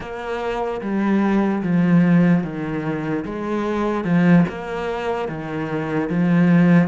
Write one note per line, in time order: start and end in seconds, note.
0.00 0.81 A#3
0.81 1.62 G3
1.62 2.43 F3
2.43 3.24 D#3
3.24 4.04 G#3
4.04 4.44 F3
4.49 5.28 A#3
5.28 6.09 D#3
6.09 6.88 F3